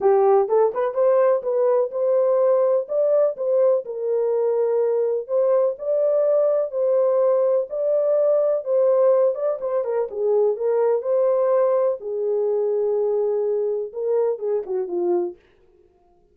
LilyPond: \new Staff \with { instrumentName = "horn" } { \time 4/4 \tempo 4 = 125 g'4 a'8 b'8 c''4 b'4 | c''2 d''4 c''4 | ais'2. c''4 | d''2 c''2 |
d''2 c''4. d''8 | c''8 ais'8 gis'4 ais'4 c''4~ | c''4 gis'2.~ | gis'4 ais'4 gis'8 fis'8 f'4 | }